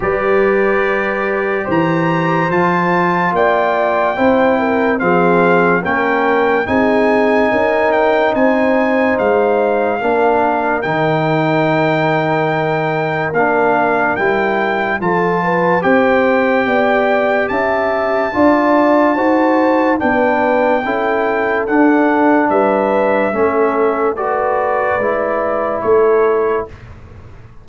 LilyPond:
<<
  \new Staff \with { instrumentName = "trumpet" } { \time 4/4 \tempo 4 = 72 d''2 ais''4 a''4 | g''2 f''4 g''4 | gis''4. g''8 gis''4 f''4~ | f''4 g''2. |
f''4 g''4 a''4 g''4~ | g''4 a''2. | g''2 fis''4 e''4~ | e''4 d''2 cis''4 | }
  \new Staff \with { instrumentName = "horn" } { \time 4/4 b'2 c''2 | d''4 c''8 ais'8 gis'4 ais'4 | gis'4 ais'4 c''2 | ais'1~ |
ais'2 a'8 b'8 c''4 | d''4 e''4 d''4 c''4 | b'4 a'2 b'4 | a'4 b'2 a'4 | }
  \new Staff \with { instrumentName = "trombone" } { \time 4/4 g'2. f'4~ | f'4 e'4 c'4 cis'4 | dis'1 | d'4 dis'2. |
d'4 e'4 f'4 g'4~ | g'2 f'4 fis'4 | d'4 e'4 d'2 | cis'4 fis'4 e'2 | }
  \new Staff \with { instrumentName = "tuba" } { \time 4/4 g2 e4 f4 | ais4 c'4 f4 ais4 | c'4 cis'4 c'4 gis4 | ais4 dis2. |
ais4 g4 f4 c'4 | b4 cis'4 d'4 dis'4 | b4 cis'4 d'4 g4 | a2 gis4 a4 | }
>>